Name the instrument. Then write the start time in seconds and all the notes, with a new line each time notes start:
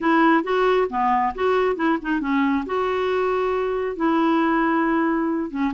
clarinet
0.00 E4
0.43 F#4
0.89 B3
1.35 F#4
1.75 E4
2.02 D#4
2.20 C#4
2.66 F#4
3.95 E4
5.50 C#4